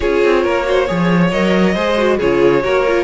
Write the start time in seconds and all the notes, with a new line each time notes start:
0.00 C#4 F4 G#4 C#5
0.24 C4
0.43 A#3 A#4
0.64 F#4 C5
0.87 F3 G#4 C#5
1.30 F#3 A#4 D#5
1.74 G#3 G#4 C5
1.97 F#4
2.17 C#3 F4 G#4 C#5
2.62 A#3 F#4 A#4
2.87 F4